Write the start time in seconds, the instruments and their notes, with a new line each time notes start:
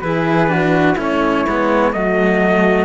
0.00 cello E3 E4, flute G#4, trumpet B4
0.48 cello D4, flute F#4
0.96 cello A3 C#4, flute E4, trumpet C#5
1.48 cello G#3 B3
1.92 cello F#3 A3, flute F#4, trumpet D#5